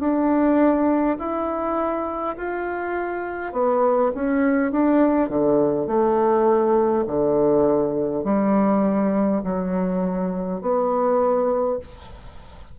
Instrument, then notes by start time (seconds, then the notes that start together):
bassoon
0.00 D4
1.19 E4
2.37 F4
3.53 B3
4.15 C#4
4.72 D4
5.30 D3
5.87 A3
7.07 D3
8.25 G3
9.44 F#3
10.61 B3